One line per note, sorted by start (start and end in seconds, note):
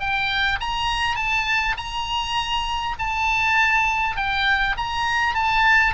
0.00 0.59 G5
0.60 1.16 A#5
1.16 1.75 A5
1.77 2.96 A#5
2.99 4.17 A5
4.17 4.76 G5
4.77 5.35 A#5
5.35 5.94 A5